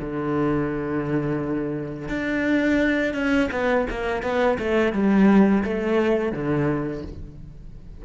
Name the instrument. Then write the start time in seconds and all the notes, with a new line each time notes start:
cello
0.00 D3
2.09 D4
3.14 C#4
3.51 B3
3.90 A#3
4.22 B3
4.59 A3
4.93 G3
5.64 A3
6.32 D3